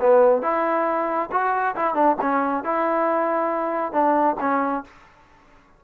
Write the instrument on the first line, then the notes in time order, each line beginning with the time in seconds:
trombone
0.00 B3
0.42 E4
1.31 F#4
1.75 E4
1.94 D4
2.21 C#4
2.64 E4
3.92 D4
4.40 C#4